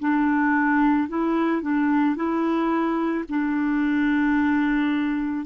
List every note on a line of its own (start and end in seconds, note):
0.00 1.09 D4
1.09 1.62 E4
1.62 2.16 D4
2.16 3.25 E4
3.29 5.46 D4